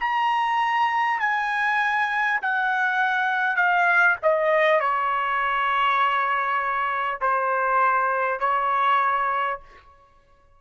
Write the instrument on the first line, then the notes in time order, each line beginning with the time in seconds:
trumpet
0.00 A#5
1.20 G#5
2.42 F#5
3.56 F5
4.23 D#5
4.81 C#5
7.21 C5
8.40 C#5